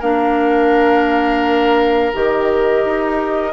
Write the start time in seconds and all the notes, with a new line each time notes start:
0.00 A#3 D4 A#4 F5
2.13 D#3 G4 D#5
2.85 D#4